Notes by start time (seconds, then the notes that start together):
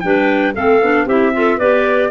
0.00 G3 D4 B4 G5
0.54 A3 C4 A4 F5
0.81 B3 D4
1.05 C4 E4 G4 E5
1.33 F4 A4
1.57 B3 G4 B4 D5